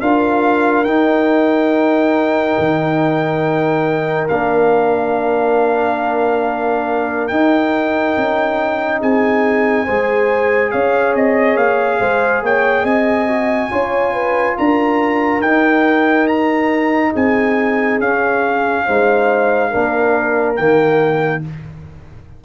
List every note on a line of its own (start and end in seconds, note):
0.00 0.85 D4
0.00 0.86 F4
0.00 9.00 A#4
0.00 0.84 F5
0.84 2.56 D#4
0.84 4.29 D#4
0.84 4.27 G5
2.58 4.29 D#3
4.28 7.30 A#3
4.28 7.30 D4
4.28 7.27 F5
7.27 9.87 D#4
7.27 8.16 D#4
7.27 8.99 G5
8.17 9.02 C#4
9.00 9.88 C4
9.00 9.85 G#4
9.00 10.71 G#5
9.85 10.73 G#3
9.85 13.28 G#4
9.85 10.71 C5
10.71 11.14 C#4
10.71 12.00 C#5
10.71 11.14 F5
11.14 11.56 C4
11.14 11.56 D#5
11.56 11.99 A#3
11.56 12.42 F5
12.00 12.42 G#3
12.00 12.42 C5
12.42 12.84 A#3
12.42 12.83 C#5
12.42 12.85 G5
12.83 13.69 C4
12.83 13.69 D#5
12.83 14.57 G#5
13.28 13.71 F#4
13.71 14.57 C#4
13.71 15.42 F4
13.71 14.13 C#5
14.13 14.56 B4
14.56 15.40 D4
14.56 17.12 A#4
14.56 15.41 A#5
15.40 17.11 D#4
15.40 18.02 D#4
15.40 16.27 G5
16.27 17.13 A#5
17.12 17.99 C4
17.12 18.83 G#4
17.12 18.00 G#5
17.99 18.84 C#4
17.99 18.87 C#4
17.99 20.56 F5
18.85 19.74 G#3
18.85 19.71 D#4
18.85 19.70 C5
19.70 20.59 A#3
19.70 20.56 D4
19.70 21.42 A#4
20.56 21.44 D#3
20.56 21.41 A#3
20.56 21.41 G5